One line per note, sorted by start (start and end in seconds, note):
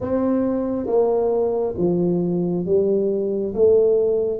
0.00 0.86 C4
0.86 1.74 A#3
1.77 2.65 F3
2.65 3.53 G3
3.54 4.39 A3